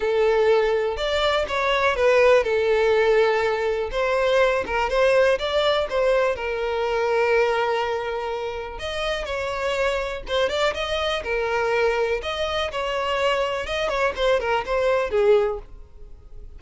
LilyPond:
\new Staff \with { instrumentName = "violin" } { \time 4/4 \tempo 4 = 123 a'2 d''4 cis''4 | b'4 a'2. | c''4. ais'8 c''4 d''4 | c''4 ais'2.~ |
ais'2 dis''4 cis''4~ | cis''4 c''8 d''8 dis''4 ais'4~ | ais'4 dis''4 cis''2 | dis''8 cis''8 c''8 ais'8 c''4 gis'4 | }